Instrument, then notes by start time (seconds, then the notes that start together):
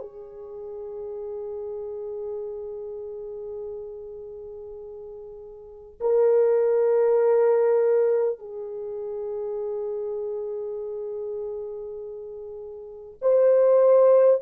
horn
0.00 G#4
6.01 A#4
8.39 G#4
13.22 C5